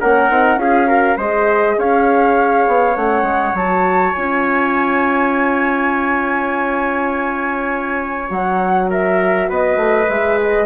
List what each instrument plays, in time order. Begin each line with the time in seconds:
0.00 bassoon A#3, horn C#4, trumpet A#4, flute F#5
0.30 bassoon C4, horn D#4
0.57 bassoon C#4, horn F4, trumpet G#4, flute F5
0.87 horn F#4, trumpet A#4
1.17 bassoon G#3, horn G#4, trumpet C5, flute D#5
1.78 bassoon C#4, trumpet C#5, flute F5
2.67 bassoon B3
2.96 bassoon A3, horn C#4, flute F#5
3.23 bassoon G#3
3.54 bassoon F#3, horn F#4, flute A5
4.14 bassoon C#4, horn F4, flute G#5
8.29 bassoon F#3, horn F#4, flute F#5
8.90 trumpet A#4, flute E5
9.49 bassoon B3, trumpet B4, flute D#5
9.76 bassoon A3
10.09 bassoon G#3, horn G#4, flute E5
10.41 flute D#5